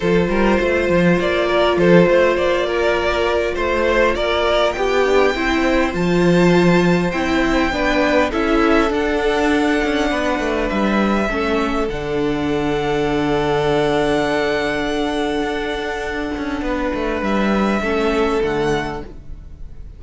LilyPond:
<<
  \new Staff \with { instrumentName = "violin" } { \time 4/4 \tempo 4 = 101 c''2 d''4 c''4 | d''2 c''4 d''4 | g''2 a''2 | g''2 e''4 fis''4~ |
fis''2 e''2 | fis''1~ | fis''1~ | fis''4 e''2 fis''4 | }
  \new Staff \with { instrumentName = "violin" } { \time 4/4 a'8 ais'8 c''4. ais'8 a'8 c''8~ | c''8 ais'4. c''4 ais'4 | g'4 c''2.~ | c''4 b'4 a'2~ |
a'4 b'2 a'4~ | a'1~ | a'1 | b'2 a'2 | }
  \new Staff \with { instrumentName = "viola" } { \time 4/4 f'1~ | f'1~ | f'8 d'8 e'4 f'2 | e'4 d'4 e'4 d'4~ |
d'2. cis'4 | d'1~ | d'1~ | d'2 cis'4 a4 | }
  \new Staff \with { instrumentName = "cello" } { \time 4/4 f8 g8 a8 f8 ais4 f8 a8 | ais2 a4 ais4 | b4 c'4 f2 | c'4 b4 cis'4 d'4~ |
d'8 cis'8 b8 a8 g4 a4 | d1~ | d2 d'4. cis'8 | b8 a8 g4 a4 d4 | }
>>